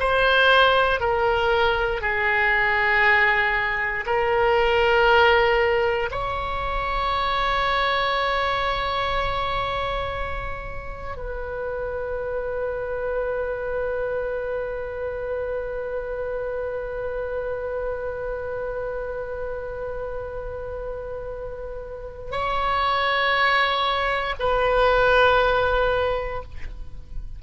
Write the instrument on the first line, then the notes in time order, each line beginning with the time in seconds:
oboe
0.00 C5
1.00 A#4
2.02 G#4
4.06 A#4
6.11 C#5
11.17 B4
22.31 C#5
24.39 B4